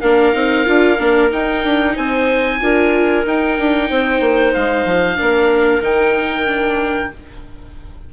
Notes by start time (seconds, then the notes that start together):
0.00 A#3 D4 A#4 F5
0.33 C4 D#4
0.65 D4 F4
0.98 A#3 D4
1.30 D#4 G5
1.63 D4
1.95 C4 C5 G#5
2.60 D4 F4 A#4
3.24 D#4 G5
3.58 D4
3.89 C4 C5
4.20 A#3
4.54 G#3 F5
4.85 F3
5.16 A#3 D4 A#4
5.81 D#3 D#4 G5
6.46 D4